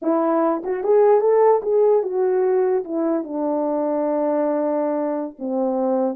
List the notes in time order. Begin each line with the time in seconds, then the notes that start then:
0.02 E4
0.64 F#4
0.83 G#4
1.20 A4
1.62 G#4
2.02 F#4
2.84 E4
3.23 D4
5.38 C4